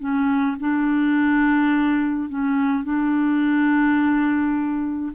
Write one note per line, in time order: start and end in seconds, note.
0.00 0.57 C#4
0.60 2.29 D4
2.29 2.84 C#4
2.84 5.13 D4